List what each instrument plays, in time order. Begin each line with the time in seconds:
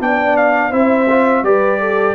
0.00 tuba B3, trombone D4, horn D5, trumpet G5
0.37 trumpet F5
0.71 tuba C4, trombone E4, horn C5, trumpet E5
1.09 trombone F4
1.43 tuba G3, trombone G4, horn B4, trumpet D5
1.80 horn A4